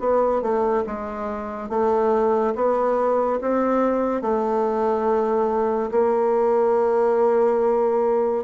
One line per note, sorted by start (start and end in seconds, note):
0.00 0.42 B3
0.42 0.85 A3
0.87 1.69 G#3
1.69 2.54 A3
2.55 3.40 B3
3.41 4.22 C4
4.22 5.91 A3
5.92 8.44 A#3